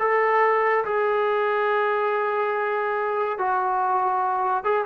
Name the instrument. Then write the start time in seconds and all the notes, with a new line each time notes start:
trombone
0.00 A4
0.85 G#4
3.39 F#4
4.64 G#4